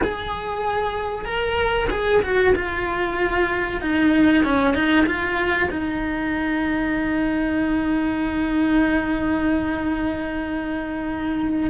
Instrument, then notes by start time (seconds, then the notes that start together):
cello
0.03 G#4
1.25 A#4
1.90 G#4
2.22 F#4
2.55 F4
3.81 D#4
4.44 C#4
4.74 D#4
5.06 F4
5.70 D#4